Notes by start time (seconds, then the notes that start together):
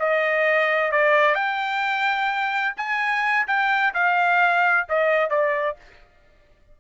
0.00 D#5
0.92 D5
1.35 G5
2.77 G#5
3.48 G5
3.95 F5
4.89 D#5
5.30 D5